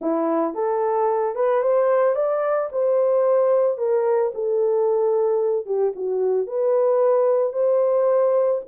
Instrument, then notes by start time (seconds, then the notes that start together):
horn
0.01 E4
0.54 A4
1.35 B4
1.62 C5
2.15 D5
2.72 C5
3.77 A#4
4.34 A4
5.65 G4
5.95 F#4
6.46 B4
7.53 C5